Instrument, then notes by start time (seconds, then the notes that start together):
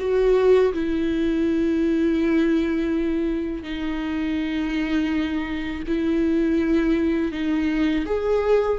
viola
0.00 F#4
0.74 E4
3.64 D#4
5.88 E4
7.32 D#4
8.06 G#4